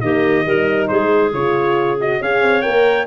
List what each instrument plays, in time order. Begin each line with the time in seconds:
0.00 tuba D#3, horn A#3, clarinet G4, trumpet D#5
0.45 tuba G3, horn D#4, clarinet A#4
0.87 tuba G#3, clarinet G#4, trumpet C5
1.32 tuba C#3, horn F4, trumpet C#5
2.00 horn F#4, trumpet D#5
2.20 tuba C#4, horn G#4, clarinet C#5, trumpet F5
2.42 tuba C4
2.61 tuba A#3, horn A#4, trumpet G5